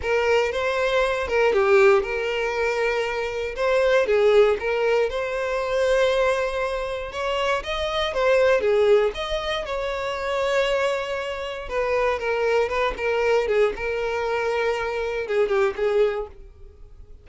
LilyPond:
\new Staff \with { instrumentName = "violin" } { \time 4/4 \tempo 4 = 118 ais'4 c''4. ais'8 g'4 | ais'2. c''4 | gis'4 ais'4 c''2~ | c''2 cis''4 dis''4 |
c''4 gis'4 dis''4 cis''4~ | cis''2. b'4 | ais'4 b'8 ais'4 gis'8 ais'4~ | ais'2 gis'8 g'8 gis'4 | }